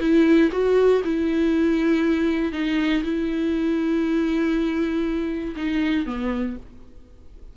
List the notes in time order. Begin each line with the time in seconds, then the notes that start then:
0.00 E4
0.52 F#4
1.05 E4
2.53 D#4
3.04 E4
5.57 D#4
6.07 B3